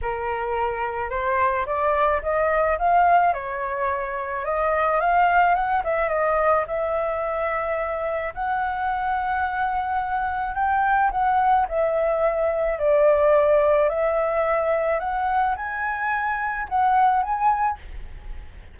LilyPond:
\new Staff \with { instrumentName = "flute" } { \time 4/4 \tempo 4 = 108 ais'2 c''4 d''4 | dis''4 f''4 cis''2 | dis''4 f''4 fis''8 e''8 dis''4 | e''2. fis''4~ |
fis''2. g''4 | fis''4 e''2 d''4~ | d''4 e''2 fis''4 | gis''2 fis''4 gis''4 | }